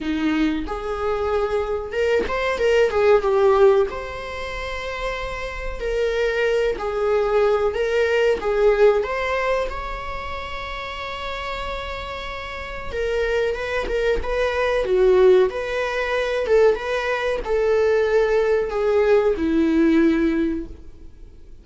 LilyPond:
\new Staff \with { instrumentName = "viola" } { \time 4/4 \tempo 4 = 93 dis'4 gis'2 ais'8 c''8 | ais'8 gis'8 g'4 c''2~ | c''4 ais'4. gis'4. | ais'4 gis'4 c''4 cis''4~ |
cis''1 | ais'4 b'8 ais'8 b'4 fis'4 | b'4. a'8 b'4 a'4~ | a'4 gis'4 e'2 | }